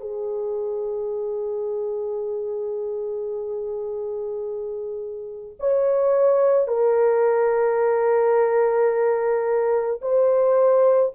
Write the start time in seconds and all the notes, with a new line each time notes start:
0.00 G#4
5.60 C#5
6.67 A#4
10.02 C5